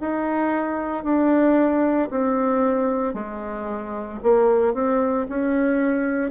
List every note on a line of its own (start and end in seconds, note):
0.00 1.04 D#4
1.04 2.09 D4
2.10 3.14 C4
3.14 4.19 G#3
4.23 4.74 A#3
4.74 5.26 C4
5.29 6.31 C#4